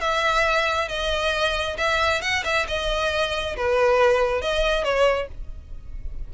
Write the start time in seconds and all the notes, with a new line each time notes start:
0.00 E5
0.88 D#5
1.77 E5
2.21 F#5
2.44 E5
2.67 D#5
3.56 B4
4.41 D#5
4.83 C#5